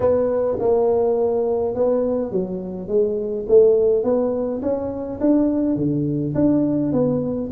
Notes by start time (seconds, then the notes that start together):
0.00 B3
0.59 A#3
1.74 B3
2.31 F#3
2.88 G#3
3.48 A3
4.03 B3
4.62 C#4
5.20 D4
5.76 D3
6.34 D4
6.92 B3